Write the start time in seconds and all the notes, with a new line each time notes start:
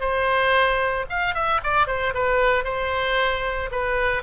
0.00 C5
1.09 F5
1.34 E5
1.63 D5
1.87 C5
2.14 B4
2.64 C5
3.72 B4